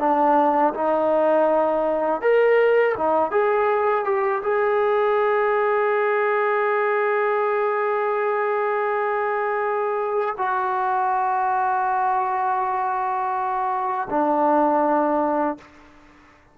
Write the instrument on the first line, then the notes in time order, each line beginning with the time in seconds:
trombone
0.00 D4
0.74 D#4
2.22 A#4
2.98 D#4
3.32 G#4
4.05 G4
4.43 G#4
10.38 F#4
14.10 D4